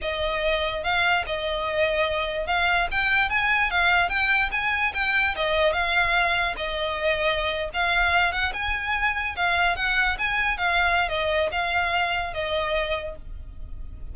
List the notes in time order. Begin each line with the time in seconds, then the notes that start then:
0.01 D#5
0.83 F5
1.26 D#5
2.46 F5
2.91 G5
3.29 G#5
3.70 F5
4.09 G5
4.51 G#5
4.94 G5
5.35 D#5
5.72 F5
6.56 D#5
7.73 F5
8.32 F#5
8.53 G#5
9.35 F5
9.76 F#5
10.18 G#5
10.57 F5
11.08 D#5
11.51 F5
12.33 D#5